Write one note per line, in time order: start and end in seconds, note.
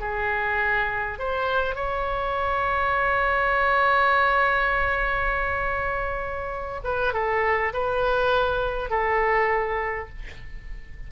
0.00 1.19 G#4
1.19 1.76 C5
1.76 6.80 C#5
6.84 7.14 B4
7.14 7.73 A4
7.74 8.90 B4
8.90 10.09 A4